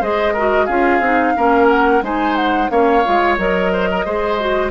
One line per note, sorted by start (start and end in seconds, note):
0.00 0.68 G#3
0.00 0.35 G#4
0.00 0.33 C5
0.00 0.66 D#5
0.33 0.68 F#4
0.33 0.65 A#4
0.65 1.00 C#4
0.65 1.02 F4
0.65 1.33 G#4
0.65 1.67 F5
1.00 1.34 C4
1.00 1.36 D#4
1.36 2.02 A#3
1.36 2.03 C#4
1.36 2.04 A#4
1.69 2.02 F#5
2.02 2.69 G#3
2.02 2.69 D#4
2.02 2.71 C5
2.02 2.36 G#5
2.36 2.69 F#5
2.69 3.04 A#3
2.69 3.03 C#4
2.69 3.72 C#5
2.69 3.37 F5
3.05 3.38 G#3
3.05 3.38 F4
3.38 4.05 F#3
3.38 4.06 A#4
3.38 4.71 D#5
3.72 3.89 C5
3.91 4.05 A#4
4.05 4.71 G#3
4.05 4.40 G#4
4.05 4.71 C5
4.40 4.71 F#4